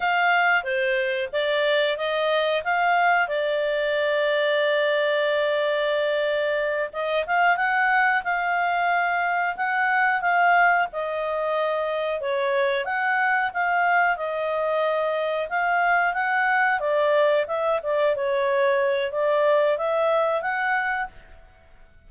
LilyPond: \new Staff \with { instrumentName = "clarinet" } { \time 4/4 \tempo 4 = 91 f''4 c''4 d''4 dis''4 | f''4 d''2.~ | d''2~ d''8 dis''8 f''8 fis''8~ | fis''8 f''2 fis''4 f''8~ |
f''8 dis''2 cis''4 fis''8~ | fis''8 f''4 dis''2 f''8~ | f''8 fis''4 d''4 e''8 d''8 cis''8~ | cis''4 d''4 e''4 fis''4 | }